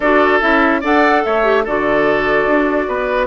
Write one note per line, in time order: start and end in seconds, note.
0.00 0.41 D4
0.00 0.40 F#4
0.00 0.80 A4
0.00 0.40 D5
0.40 0.83 C#4
0.40 0.81 E4
0.40 0.82 E5
0.80 1.24 D4
0.80 1.43 A4
0.80 1.22 D5
0.80 1.24 F#5
1.24 1.66 A3
1.24 1.63 C#5
1.24 1.65 E5
1.43 1.63 G4
1.63 2.45 D3
1.63 3.26 F#4
1.63 2.86 A4
1.63 3.26 D5
2.45 2.87 D4
2.88 3.26 B3
2.88 3.26 B4